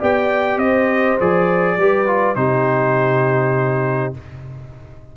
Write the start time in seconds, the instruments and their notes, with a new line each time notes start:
0.00 tuba B3, trombone G4, horn D5, trumpet G5
0.57 tuba C4, horn C5, trumpet D#5
1.20 tuba F3, trombone G#4, trumpet D5
1.77 tuba G3, trombone G4, horn B4
2.07 trombone F4
2.35 tuba C3, trombone D#4, horn G4, trumpet C5